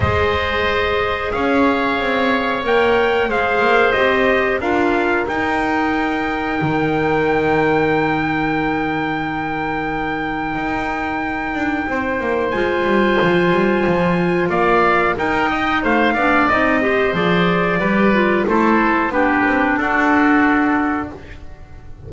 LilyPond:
<<
  \new Staff \with { instrumentName = "trumpet" } { \time 4/4 \tempo 4 = 91 dis''2 f''2 | g''4 f''4 dis''4 f''4 | g''1~ | g''1~ |
g''2. gis''4~ | gis''2 f''4 g''4 | f''4 dis''4 d''2 | c''4 b'4 a'2 | }
  \new Staff \with { instrumentName = "oboe" } { \time 4/4 c''2 cis''2~ | cis''4 c''2 ais'4~ | ais'1~ | ais'1~ |
ais'2 c''2~ | c''2 d''4 ais'8 dis''8 | c''8 d''4 c''4. b'4 | a'4 g'4 fis'2 | }
  \new Staff \with { instrumentName = "clarinet" } { \time 4/4 gis'1 | ais'4 gis'4 g'4 f'4 | dis'1~ | dis'1~ |
dis'2. f'4~ | f'2. dis'4~ | dis'8 d'8 dis'8 g'8 gis'4 g'8 f'8 | e'4 d'2. | }
  \new Staff \with { instrumentName = "double bass" } { \time 4/4 gis2 cis'4 c'4 | ais4 gis8 ais8 c'4 d'4 | dis'2 dis2~ | dis1 |
dis'4. d'8 c'8 ais8 gis8 g8 | f8 g8 f4 ais4 dis'4 | a8 b8 c'4 f4 g4 | a4 b8 c'8 d'2 | }
>>